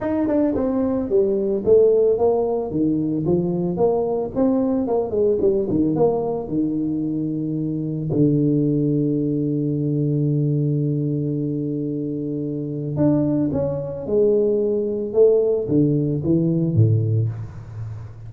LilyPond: \new Staff \with { instrumentName = "tuba" } { \time 4/4 \tempo 4 = 111 dis'8 d'8 c'4 g4 a4 | ais4 dis4 f4 ais4 | c'4 ais8 gis8 g8 dis8 ais4 | dis2. d4~ |
d1~ | d1 | d'4 cis'4 gis2 | a4 d4 e4 a,4 | }